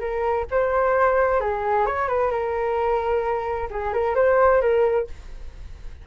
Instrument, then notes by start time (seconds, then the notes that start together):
flute
0.00 A#4
0.51 C5
1.41 G#4
1.86 C#5
2.08 B4
2.31 A#4
3.71 G#4
3.93 A#4
4.15 C5
4.61 A#4